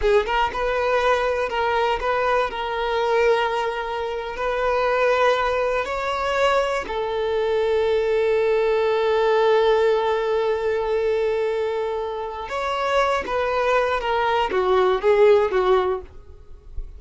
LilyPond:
\new Staff \with { instrumentName = "violin" } { \time 4/4 \tempo 4 = 120 gis'8 ais'8 b'2 ais'4 | b'4 ais'2.~ | ais'8. b'2. cis''16~ | cis''4.~ cis''16 a'2~ a'16~ |
a'1~ | a'1~ | a'4 cis''4. b'4. | ais'4 fis'4 gis'4 fis'4 | }